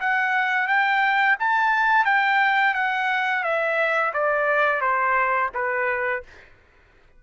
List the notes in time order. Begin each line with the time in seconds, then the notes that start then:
0.00 F#5
0.67 G5
1.39 A5
2.05 G5
2.74 F#5
3.43 E5
4.13 D5
4.81 C5
5.54 B4